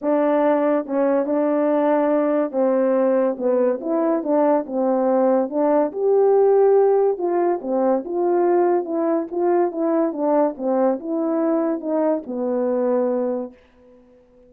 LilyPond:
\new Staff \with { instrumentName = "horn" } { \time 4/4 \tempo 4 = 142 d'2 cis'4 d'4~ | d'2 c'2 | b4 e'4 d'4 c'4~ | c'4 d'4 g'2~ |
g'4 f'4 c'4 f'4~ | f'4 e'4 f'4 e'4 | d'4 c'4 e'2 | dis'4 b2. | }